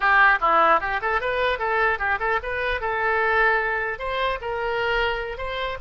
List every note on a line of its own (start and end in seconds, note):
0.00 0.38 G4
0.41 0.80 E4
0.80 1.00 G4
1.01 1.20 A4
1.20 1.58 B4
1.58 1.98 A4
1.98 2.18 G4
2.19 2.39 A4
2.42 2.80 B4
2.80 3.98 A4
3.98 4.38 C5
4.41 5.37 A#4
5.37 5.77 C5